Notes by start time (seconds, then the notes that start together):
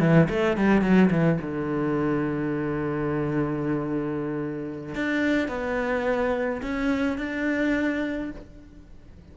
0.00 E3
0.29 A3
0.57 G3
0.82 F#3
1.11 E3
1.42 D3
4.95 D4
5.48 B3
6.62 C#4
7.18 D4